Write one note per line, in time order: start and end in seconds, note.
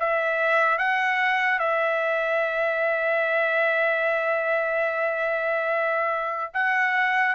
0.00 0.78 E5
0.78 1.59 F#5
1.59 6.52 E5
6.54 7.35 F#5